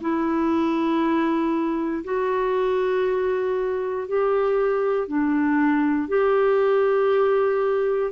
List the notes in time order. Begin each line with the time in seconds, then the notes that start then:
0.00 E4
2.04 F#4
4.07 G4
5.08 D4
6.08 G4